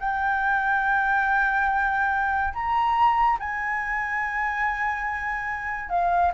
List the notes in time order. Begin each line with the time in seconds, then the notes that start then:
0.00 G5
2.54 A#5
3.40 G#5
5.90 F5